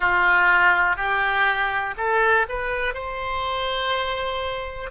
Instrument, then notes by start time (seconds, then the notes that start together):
oboe
0.00 F4
0.96 G4
1.97 A4
2.49 B4
2.94 C5